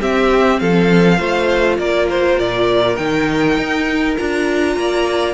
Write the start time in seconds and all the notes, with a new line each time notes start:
0.00 C4 G4 E5
0.59 F3 A4 F5
1.17 A3 F4 C5
1.78 A#3 A#4 D5
2.09 C5
2.38 A#2 D5
2.96 D#3 D#4 G5
3.57 D#4
4.17 D4 F4 A#5
4.76 A#3 D5